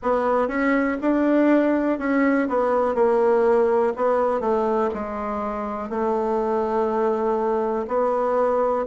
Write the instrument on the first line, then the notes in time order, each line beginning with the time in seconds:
bassoon
0.02 B3
0.48 C#4
1.01 D4
1.99 C#4
2.48 B3
2.94 A#3
3.96 B3
4.40 A3
4.94 G#3
5.89 A3
7.87 B3